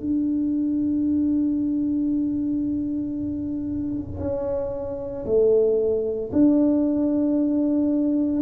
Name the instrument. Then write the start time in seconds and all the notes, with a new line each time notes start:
tuba
0.00 D4
4.20 C#4
5.25 A3
6.32 D4